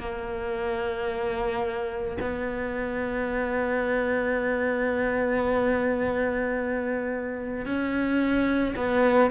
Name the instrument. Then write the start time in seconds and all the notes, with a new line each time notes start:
cello
0.00 A#3
2.21 B3
7.66 C#4
8.76 B3